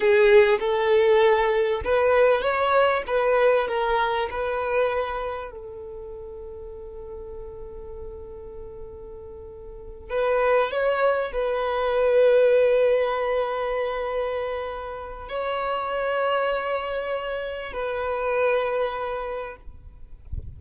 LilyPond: \new Staff \with { instrumentName = "violin" } { \time 4/4 \tempo 4 = 98 gis'4 a'2 b'4 | cis''4 b'4 ais'4 b'4~ | b'4 a'2.~ | a'1~ |
a'8 b'4 cis''4 b'4.~ | b'1~ | b'4 cis''2.~ | cis''4 b'2. | }